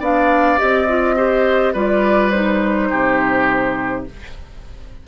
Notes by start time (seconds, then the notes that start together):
0.00 B3 D4 D5 F5
0.58 C4 G4 D#5
0.88 F4
1.17 G4 C5
1.73 G3 F4 B4 D5
2.31 D#4 C5
2.90 C3 G4